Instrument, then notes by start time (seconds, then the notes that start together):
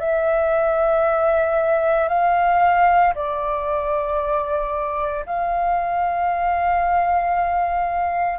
flute
0.00 E5
2.09 F5
3.15 D5
5.27 F5